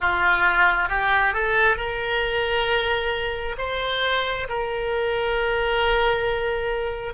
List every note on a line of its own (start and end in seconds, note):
0.00 0.88 F4
0.88 1.33 G4
1.34 1.76 A4
1.76 3.55 A#4
3.58 4.47 C5
4.48 7.13 A#4